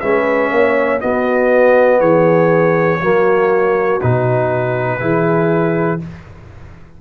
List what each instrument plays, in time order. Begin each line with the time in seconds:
0.00 tuba G#3, trombone C#4, horn B4, trumpet E5
0.51 tuba A#3, horn C#5
1.00 trombone B3, tuba B3, horn F#4, trumpet D#5
1.99 tuba E3, horn G#4, trumpet C#5
3.01 tuba F#3, trombone A#3, horn F#4
4.01 tuba B2, trombone D#4, trumpet B4
5.00 tuba E3, trombone E4, horn G#4